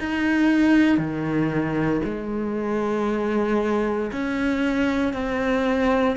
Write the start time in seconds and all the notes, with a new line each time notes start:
0.00 D#4
0.98 D#3
2.05 G#3
4.12 C#4
5.13 C4